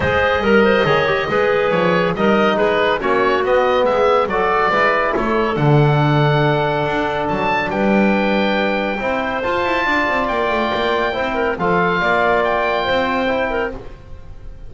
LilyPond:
<<
  \new Staff \with { instrumentName = "oboe" } { \time 4/4 \tempo 4 = 140 dis''1 | cis''4 dis''4 b'4 cis''4 | dis''4 e''4 d''2 | cis''4 fis''2.~ |
fis''4 a''4 g''2~ | g''2 a''2 | g''2. f''4~ | f''4 g''2. | }
  \new Staff \with { instrumentName = "clarinet" } { \time 4/4 c''4 ais'8 c''8 cis''4 b'4~ | b'4 ais'4 gis'4 fis'4~ | fis'4 gis'4 a'4 b'4 | a'1~ |
a'2 b'2~ | b'4 c''2 d''4~ | d''2 c''8 ais'8 a'4 | d''2 c''4. ais'8 | }
  \new Staff \with { instrumentName = "trombone" } { \time 4/4 gis'4 ais'4 gis'8 g'8 gis'4~ | gis'4 dis'2 cis'4 | b2 fis'4 e'4~ | e'4 d'2.~ |
d'1~ | d'4 e'4 f'2~ | f'2 e'4 f'4~ | f'2. e'4 | }
  \new Staff \with { instrumentName = "double bass" } { \time 4/4 gis4 g4 dis4 gis4 | f4 g4 gis4 ais4 | b4 gis4 fis4 gis4 | a4 d2. |
d'4 fis4 g2~ | g4 c'4 f'8 e'8 d'8 c'8 | ais8 a8 ais4 c'4 f4 | ais2 c'2 | }
>>